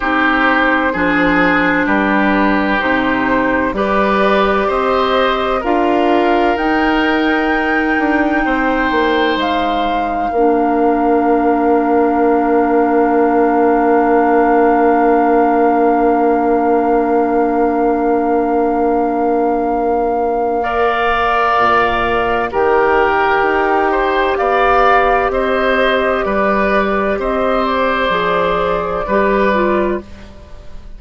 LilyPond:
<<
  \new Staff \with { instrumentName = "flute" } { \time 4/4 \tempo 4 = 64 c''2 b'4 c''4 | d''4 dis''4 f''4 g''4~ | g''2 f''2~ | f''1~ |
f''1~ | f''1 | g''2 f''4 dis''4 | d''4 dis''8 d''2~ d''8 | }
  \new Staff \with { instrumentName = "oboe" } { \time 4/4 g'4 gis'4 g'2 | b'4 c''4 ais'2~ | ais'4 c''2 ais'4~ | ais'1~ |
ais'1~ | ais'2 d''2 | ais'4. c''8 d''4 c''4 | b'4 c''2 b'4 | }
  \new Staff \with { instrumentName = "clarinet" } { \time 4/4 dis'4 d'2 dis'4 | g'2 f'4 dis'4~ | dis'2. d'4~ | d'1~ |
d'1~ | d'2 ais'2 | g'1~ | g'2 gis'4 g'8 f'8 | }
  \new Staff \with { instrumentName = "bassoon" } { \time 4/4 c'4 f4 g4 c4 | g4 c'4 d'4 dis'4~ | dis'8 d'8 c'8 ais8 gis4 ais4~ | ais1~ |
ais1~ | ais2. ais,4 | dis4 dis'4 b4 c'4 | g4 c'4 f4 g4 | }
>>